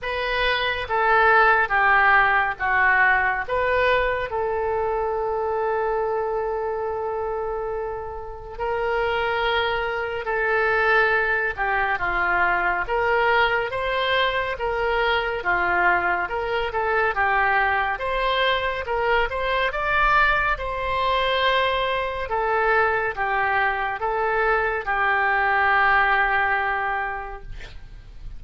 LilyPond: \new Staff \with { instrumentName = "oboe" } { \time 4/4 \tempo 4 = 70 b'4 a'4 g'4 fis'4 | b'4 a'2.~ | a'2 ais'2 | a'4. g'8 f'4 ais'4 |
c''4 ais'4 f'4 ais'8 a'8 | g'4 c''4 ais'8 c''8 d''4 | c''2 a'4 g'4 | a'4 g'2. | }